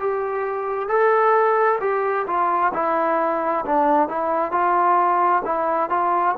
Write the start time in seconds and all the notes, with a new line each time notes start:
0.00 G4
0.88 A4
1.81 G4
2.27 F4
2.74 E4
3.66 D4
4.09 E4
4.52 F4
5.45 E4
5.90 F4